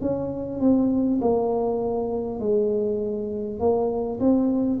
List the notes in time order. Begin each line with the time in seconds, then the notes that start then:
0.00 C#4
0.59 C4
1.21 A#3
2.39 G#3
3.59 A#3
4.20 C4